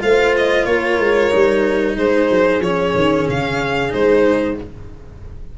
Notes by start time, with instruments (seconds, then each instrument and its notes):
0.00 tuba A3, cello F4, horn C5, violin F5
0.37 violin D#5
0.65 tuba A#3, horn A#4, violin C#5
0.99 tuba G#3
1.30 tuba G3, cello D#4
1.97 tuba G#3, horn G#4, violin C5
2.30 tuba F#3
2.60 tuba F3, cello C#4, violin C#5
2.95 tuba D#3
3.29 tuba C#3, violin F5
3.89 tuba G#3, cello D#4, violin C5